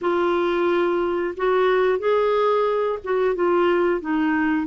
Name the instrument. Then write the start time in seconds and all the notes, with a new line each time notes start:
clarinet
0.01 F4
1.36 F#4
1.98 G#4
3.04 F#4
3.35 F4
4.00 D#4